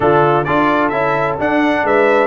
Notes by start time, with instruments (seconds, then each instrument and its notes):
0.00 tuba D3, trombone D4, horn F4, trumpet A4
0.44 tuba D4, trombone F4, horn A4, trumpet D5
0.88 tuba C#4, trombone E4, trumpet E5
1.39 tuba D4, trombone D4, trumpet F#5
1.83 tuba G#3, horn B4, trumpet E5